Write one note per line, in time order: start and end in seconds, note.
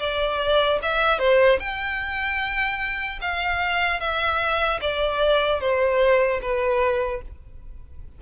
0.00 0.80 D5
0.83 1.19 E5
1.19 1.59 C5
1.60 3.20 G5
3.21 4.00 F5
4.00 4.80 E5
4.81 5.61 D5
5.61 6.41 C5
6.42 7.22 B4